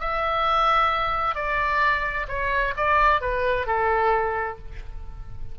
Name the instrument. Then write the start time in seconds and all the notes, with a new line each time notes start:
oboe
0.00 E5
1.35 D5
2.28 C#5
2.77 D5
3.21 B4
3.67 A4